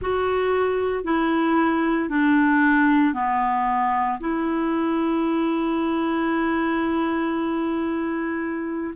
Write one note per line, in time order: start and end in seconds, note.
0.01 1.04 F#4
1.04 2.09 E4
2.09 3.13 D4
3.13 4.19 B3
4.20 8.93 E4